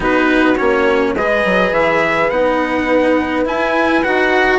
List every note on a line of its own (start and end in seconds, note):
0.00 0.58 B3
0.00 0.54 D#4
0.00 1.13 F#4
0.00 0.56 B4
0.56 1.15 A#3
0.56 1.15 C#4
0.56 1.14 C#5
1.15 1.43 G#3
1.15 2.31 G#4
1.15 4.58 B4
1.15 1.73 D#5
1.44 1.71 F#3
1.71 2.29 E3
1.71 2.30 E5
2.30 3.45 B3
2.30 3.45 D#4
2.30 3.45 F#5
3.45 4.03 E4
3.45 4.04 E4
3.45 4.03 G#5
4.03 4.58 D#4
4.03 4.58 F#4
4.03 4.58 F#5